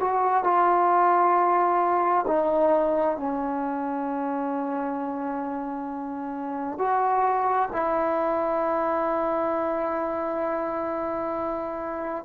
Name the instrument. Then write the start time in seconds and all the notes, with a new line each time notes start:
trombone
0.00 F#4
0.43 F4
2.27 D#4
3.17 C#4
6.78 F#4
7.72 E4